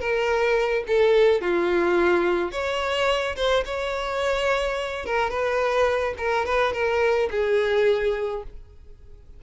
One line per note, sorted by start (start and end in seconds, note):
0.00 0.84 A#4
0.87 1.41 A4
1.41 2.51 F4
2.51 3.35 C#5
3.36 3.64 C5
3.65 5.05 C#5
5.06 5.30 A#4
5.30 6.14 B4
6.17 6.45 A#4
6.45 6.73 B4
6.73 7.29 A#4
7.31 8.43 G#4